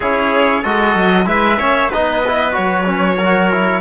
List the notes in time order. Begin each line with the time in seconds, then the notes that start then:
0.00 C#4 E4 G#4 C#5
0.61 G#3 F#4 A4 D#5
0.95 F#3
1.25 G#3 E4 B4 E5
1.58 A#3 C#4 C#5
1.89 B3 D#4 B4 D#5
2.27 E4
2.52 F#3 F#4 C#5
2.85 C#4
3.17 A#4
3.23 F#4
3.51 E4